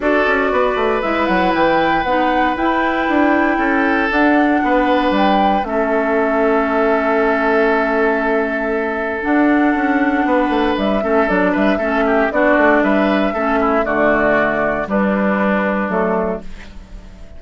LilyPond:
<<
  \new Staff \with { instrumentName = "flute" } { \time 4/4 \tempo 4 = 117 d''2 e''8 fis''8 g''4 | fis''4 g''2. | fis''2 g''4 e''4~ | e''1~ |
e''2 fis''2~ | fis''4 e''4 d''8 e''4. | d''4 e''2 d''4~ | d''4 b'2 a'4 | }
  \new Staff \with { instrumentName = "oboe" } { \time 4/4 a'4 b'2.~ | b'2. a'4~ | a'4 b'2 a'4~ | a'1~ |
a'1 | b'4. a'4 b'8 a'8 g'8 | fis'4 b'4 a'8 e'8 fis'4~ | fis'4 d'2. | }
  \new Staff \with { instrumentName = "clarinet" } { \time 4/4 fis'2 e'2 | dis'4 e'2. | d'2. cis'4~ | cis'1~ |
cis'2 d'2~ | d'4. cis'8 d'4 cis'4 | d'2 cis'4 a4~ | a4 g2 a4 | }
  \new Staff \with { instrumentName = "bassoon" } { \time 4/4 d'8 cis'8 b8 a8 gis8 fis8 e4 | b4 e'4 d'4 cis'4 | d'4 b4 g4 a4~ | a1~ |
a2 d'4 cis'4 | b8 a8 g8 a8 fis8 g8 a4 | b8 a8 g4 a4 d4~ | d4 g2 fis4 | }
>>